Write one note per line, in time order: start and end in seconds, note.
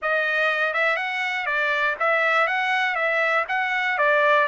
0.01 0.73 D#5
0.73 0.96 E5
0.96 1.46 F#5
1.46 1.95 D5
1.99 2.47 E5
2.47 2.95 F#5
2.95 3.44 E5
3.48 3.97 F#5
3.98 4.47 D5